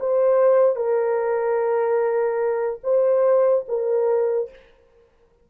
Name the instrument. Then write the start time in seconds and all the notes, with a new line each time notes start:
horn
0.00 C5
0.76 A#4
2.83 C5
3.68 A#4